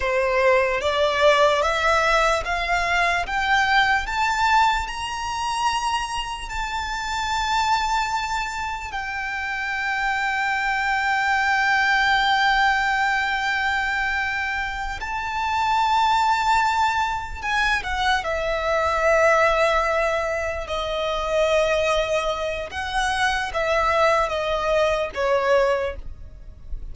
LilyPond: \new Staff \with { instrumentName = "violin" } { \time 4/4 \tempo 4 = 74 c''4 d''4 e''4 f''4 | g''4 a''4 ais''2 | a''2. g''4~ | g''1~ |
g''2~ g''8 a''4.~ | a''4. gis''8 fis''8 e''4.~ | e''4. dis''2~ dis''8 | fis''4 e''4 dis''4 cis''4 | }